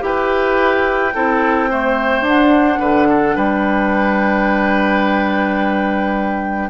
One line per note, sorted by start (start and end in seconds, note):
0.00 1.13 E4
0.00 1.11 G4
0.00 1.14 B4
0.00 2.25 G5
1.14 2.21 C4
1.14 1.70 E4
1.14 1.70 A4
1.70 2.26 A3
1.70 2.79 C5
2.21 2.77 D4
2.21 6.69 D4
2.21 3.37 F#5
2.79 3.35 D3
2.79 3.07 B4
3.09 3.35 A4
3.35 6.69 G3
3.35 6.69 B4
3.35 6.69 G5